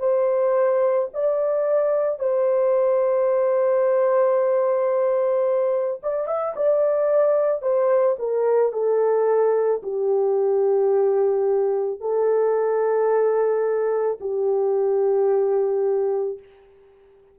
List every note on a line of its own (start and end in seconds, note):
0.00 1.09 C5
1.14 2.20 D5
2.20 6.01 C5
6.03 6.28 D5
6.28 6.55 E5
6.57 7.62 D5
7.62 8.17 C5
8.20 8.73 A#4
8.73 9.82 A4
9.83 12.01 G4
12.01 14.19 A4
14.21 16.39 G4